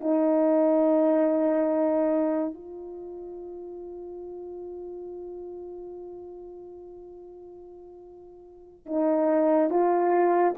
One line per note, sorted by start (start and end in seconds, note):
0.00 2.54 D#4
2.54 8.86 F4
8.86 9.70 D#4
9.70 10.54 F4